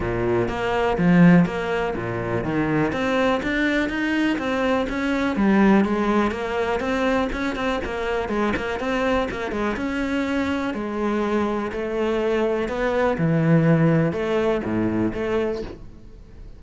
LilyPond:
\new Staff \with { instrumentName = "cello" } { \time 4/4 \tempo 4 = 123 ais,4 ais4 f4 ais4 | ais,4 dis4 c'4 d'4 | dis'4 c'4 cis'4 g4 | gis4 ais4 c'4 cis'8 c'8 |
ais4 gis8 ais8 c'4 ais8 gis8 | cis'2 gis2 | a2 b4 e4~ | e4 a4 a,4 a4 | }